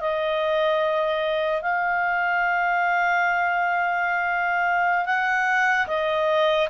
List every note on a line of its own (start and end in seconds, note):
0.00 1.62 D#5
1.62 5.05 F5
5.05 5.86 F#5
5.87 6.68 D#5